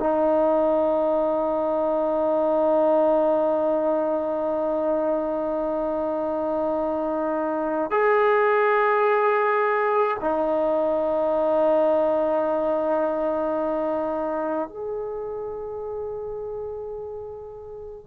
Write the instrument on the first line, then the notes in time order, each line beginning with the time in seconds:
trombone
0.00 D#4
7.91 G#4
10.20 D#4
14.69 G#4